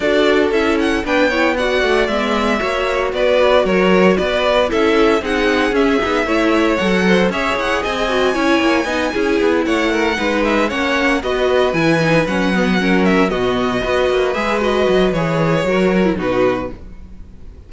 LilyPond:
<<
  \new Staff \with { instrumentName = "violin" } { \time 4/4 \tempo 4 = 115 d''4 e''8 fis''8 g''4 fis''4 | e''2 d''4 cis''4 | d''4 e''4 fis''4 e''4~ | e''4 fis''4 e''8 fis''8 gis''4~ |
gis''2~ gis''8 fis''4. | e''8 fis''4 dis''4 gis''4 fis''8~ | fis''4 e''8 dis''2 e''8 | dis''4 cis''2 b'4 | }
  \new Staff \with { instrumentName = "violin" } { \time 4/4 a'2 b'8 cis''8 d''4~ | d''4 cis''4 b'4 ais'4 | b'4 a'4 gis'2 | cis''4. c''8 cis''4 dis''4 |
cis''4 dis''8 gis'4 cis''8 ais'8 b'8~ | b'8 cis''4 b'2~ b'8~ | b'8 ais'4 fis'4 b'4.~ | b'2 ais'4 fis'4 | }
  \new Staff \with { instrumentName = "viola" } { \time 4/4 fis'4 e'4 d'8 e'8 fis'4 | b4 fis'2.~ | fis'4 e'4 dis'4 cis'8 dis'8 | e'4 a'4 gis'4. fis'8 |
e'4 dis'8 e'2 dis'8~ | dis'8 cis'4 fis'4 e'8 dis'8 cis'8 | b8 cis'4 b4 fis'4 gis'8 | fis'4 gis'4 fis'8. e'16 dis'4 | }
  \new Staff \with { instrumentName = "cello" } { \time 4/4 d'4 cis'4 b4. a8 | gis4 ais4 b4 fis4 | b4 cis'4 c'4 cis'8 b8 | a4 fis4 cis'8 e'8 c'4 |
cis'8 ais8 b8 cis'8 b8 a4 gis8~ | gis8 ais4 b4 e4 fis8~ | fis4. b,4 b8 ais8 gis8~ | gis8 fis8 e4 fis4 b,4 | }
>>